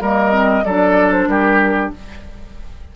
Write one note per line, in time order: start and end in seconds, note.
0.00 0.63 G3
0.00 0.31 A#3
0.00 0.64 A#4
0.00 0.64 D#5
0.31 0.63 C4
0.64 1.27 F#3
0.64 1.95 D4
0.64 1.28 A4
0.64 1.12 D5
1.12 1.28 C5
1.27 1.90 G3
1.27 1.93 G4
1.27 1.91 A#4